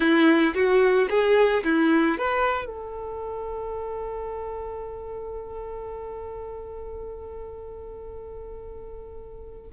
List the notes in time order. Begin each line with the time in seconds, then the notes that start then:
0.00 E4
0.54 F#4
1.09 G#4
1.64 E4
2.18 B4
2.65 A4